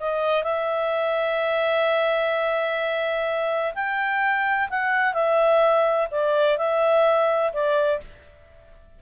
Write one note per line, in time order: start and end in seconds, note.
0.00 0.44 D#5
0.44 3.75 E5
3.75 4.69 G5
4.70 5.14 F#5
5.14 6.08 E5
6.11 6.58 D5
6.58 7.53 E5
7.54 8.01 D5